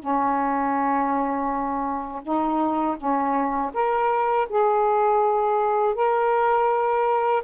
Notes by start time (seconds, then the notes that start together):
0.00 C#4
2.23 D#4
2.98 C#4
3.74 A#4
4.49 G#4
5.95 A#4